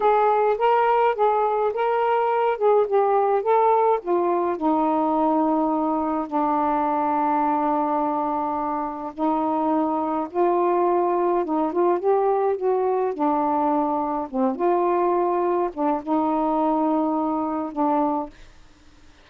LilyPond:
\new Staff \with { instrumentName = "saxophone" } { \time 4/4 \tempo 4 = 105 gis'4 ais'4 gis'4 ais'4~ | ais'8 gis'8 g'4 a'4 f'4 | dis'2. d'4~ | d'1 |
dis'2 f'2 | dis'8 f'8 g'4 fis'4 d'4~ | d'4 c'8 f'2 d'8 | dis'2. d'4 | }